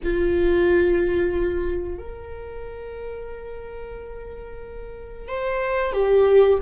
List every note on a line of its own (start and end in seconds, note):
0.03 1.98 F4
1.98 5.28 A#4
5.28 5.93 C5
5.93 6.58 G4